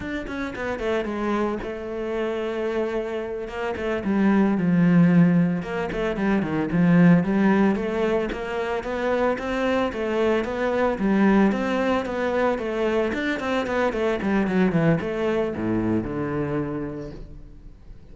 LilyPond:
\new Staff \with { instrumentName = "cello" } { \time 4/4 \tempo 4 = 112 d'8 cis'8 b8 a8 gis4 a4~ | a2~ a8 ais8 a8 g8~ | g8 f2 ais8 a8 g8 | dis8 f4 g4 a4 ais8~ |
ais8 b4 c'4 a4 b8~ | b8 g4 c'4 b4 a8~ | a8 d'8 c'8 b8 a8 g8 fis8 e8 | a4 a,4 d2 | }